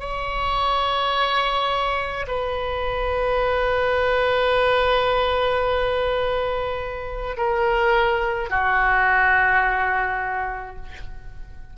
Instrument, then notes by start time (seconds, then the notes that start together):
oboe
0.00 C#5
2.27 B4
7.37 A#4
8.50 F#4